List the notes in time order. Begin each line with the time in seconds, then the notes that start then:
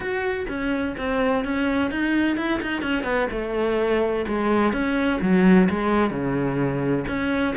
0.00 F#4
0.48 C#4
0.97 C4
1.44 C#4
1.90 D#4
2.36 E4
2.61 D#4
2.82 C#4
3.03 B3
3.31 A3
4.27 G#3
4.72 C#4
5.21 F#3
5.69 G#3
6.10 C#3
7.07 C#4